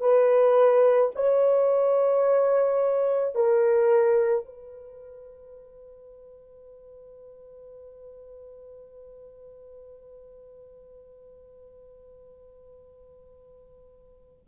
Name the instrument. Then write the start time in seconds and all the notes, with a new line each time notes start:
horn
0.00 B4
1.15 C#5
3.35 A#4
4.45 B4